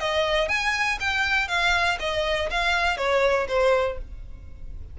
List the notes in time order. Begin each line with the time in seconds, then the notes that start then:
0.00 D#5
0.49 G#5
1.00 G5
1.48 F5
2.00 D#5
2.51 F5
2.97 C#5
3.48 C5